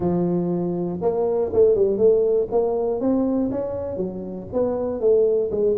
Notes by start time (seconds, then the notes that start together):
0.00 F3
1.01 A#3
1.52 A3
1.75 G3
1.97 A3
2.51 A#3
3.00 C4
3.51 C#4
3.96 F#3
4.52 B3
5.00 A3
5.51 G#3